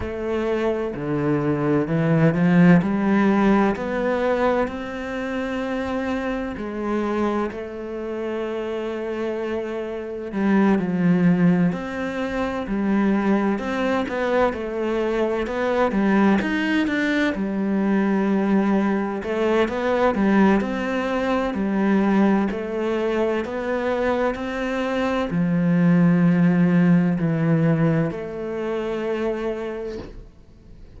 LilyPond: \new Staff \with { instrumentName = "cello" } { \time 4/4 \tempo 4 = 64 a4 d4 e8 f8 g4 | b4 c'2 gis4 | a2. g8 f8~ | f8 c'4 g4 c'8 b8 a8~ |
a8 b8 g8 dis'8 d'8 g4.~ | g8 a8 b8 g8 c'4 g4 | a4 b4 c'4 f4~ | f4 e4 a2 | }